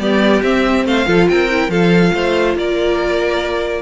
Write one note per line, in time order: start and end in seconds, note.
0.00 0.43 G3
0.00 0.43 B3
0.00 0.86 G4
0.00 0.43 D5
0.43 0.85 C4
0.43 1.07 C4
0.43 0.86 E5
0.85 1.07 A3
0.85 1.07 C5
0.85 1.29 F5
1.07 1.29 F3
1.07 1.49 F4
1.07 1.29 A4
1.29 1.69 C4
1.29 1.71 A#4
1.29 1.70 G5
1.50 1.71 E4
1.69 2.11 F3
1.69 3.82 F4
1.69 2.14 A4
1.69 2.56 F5
2.14 2.56 A3
2.14 2.58 C5
2.56 3.82 A#3
2.56 3.82 A#4
2.56 3.82 D5